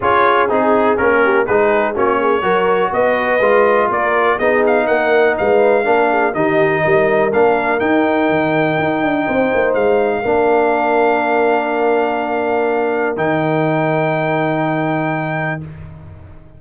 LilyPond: <<
  \new Staff \with { instrumentName = "trumpet" } { \time 4/4 \tempo 4 = 123 cis''4 gis'4 ais'4 b'4 | cis''2 dis''2 | d''4 dis''8 f''8 fis''4 f''4~ | f''4 dis''2 f''4 |
g''1 | f''1~ | f''2. g''4~ | g''1 | }
  \new Staff \with { instrumentName = "horn" } { \time 4/4 gis'2~ gis'8 g'8 gis'4 | fis'8 gis'8 ais'4 b'2 | ais'4 gis'4 ais'4 b'4 | ais'8 gis'8 g'4 ais'2~ |
ais'2. c''4~ | c''4 ais'2.~ | ais'1~ | ais'1 | }
  \new Staff \with { instrumentName = "trombone" } { \time 4/4 f'4 dis'4 cis'4 dis'4 | cis'4 fis'2 f'4~ | f'4 dis'2. | d'4 dis'2 d'4 |
dis'1~ | dis'4 d'2.~ | d'2. dis'4~ | dis'1 | }
  \new Staff \with { instrumentName = "tuba" } { \time 4/4 cis'4 c'4 ais4 gis4 | ais4 fis4 b4 gis4 | ais4 b4 ais4 gis4 | ais4 dis4 g4 ais4 |
dis'4 dis4 dis'8 d'8 c'8 ais8 | gis4 ais2.~ | ais2. dis4~ | dis1 | }
>>